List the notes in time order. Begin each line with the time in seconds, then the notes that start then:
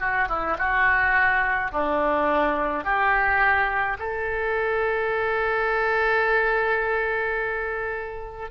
0.00 F#4
0.29 E4
0.58 F#4
1.72 D4
2.85 G4
3.99 A4